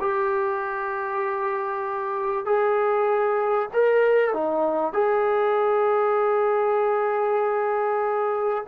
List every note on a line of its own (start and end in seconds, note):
0.00 2.45 G4
2.45 3.69 G#4
3.73 4.33 A#4
4.33 4.93 D#4
4.93 8.64 G#4